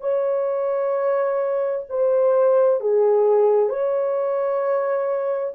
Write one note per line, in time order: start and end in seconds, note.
0.00 1.85 C#5
1.89 2.80 C5
2.80 3.69 G#4
3.69 5.53 C#5